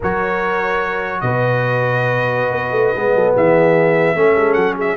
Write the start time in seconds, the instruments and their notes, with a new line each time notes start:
0.00 tuba F#3, trombone F#4, horn A#4, trumpet C#5
1.20 tuba B2, horn B4, trumpet D#5
2.51 tuba B3
2.71 tuba A3
2.96 tuba G#3, trombone B3
3.15 tuba F#3, horn A4
3.34 tuba E3, horn G#4, trumpet E5
4.15 tuba A3, trombone C#4, horn A4
4.35 tuba G#3
4.53 tuba F#3, trumpet F#5
4.76 horn G#4, trumpet E5